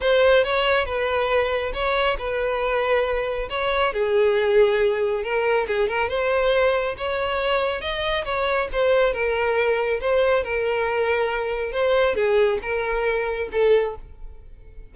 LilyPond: \new Staff \with { instrumentName = "violin" } { \time 4/4 \tempo 4 = 138 c''4 cis''4 b'2 | cis''4 b'2. | cis''4 gis'2. | ais'4 gis'8 ais'8 c''2 |
cis''2 dis''4 cis''4 | c''4 ais'2 c''4 | ais'2. c''4 | gis'4 ais'2 a'4 | }